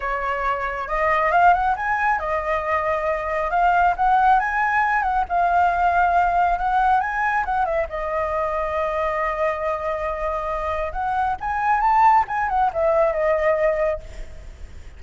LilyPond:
\new Staff \with { instrumentName = "flute" } { \time 4/4 \tempo 4 = 137 cis''2 dis''4 f''8 fis''8 | gis''4 dis''2. | f''4 fis''4 gis''4. fis''8 | f''2. fis''4 |
gis''4 fis''8 e''8 dis''2~ | dis''1~ | dis''4 fis''4 gis''4 a''4 | gis''8 fis''8 e''4 dis''2 | }